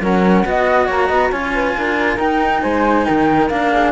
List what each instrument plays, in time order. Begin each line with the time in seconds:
0.00 cello F#3 C#4, flute A#4 F#5
0.45 cello B3 F#4, flute D#5
0.86 cello A#3, flute C#5 A#5
1.07 cello B3, flute D#5
1.31 cello C#4 F4, flute C#5 G#5
1.54 flute B4
1.77 cello D4, flute A#4
2.17 cello D#4, flute G5
2.61 cello G#3, flute C5 G#5
3.05 cello D#3, flute A#4 G5
3.49 cello A#3 D4, flute F5
3.72 flute G#4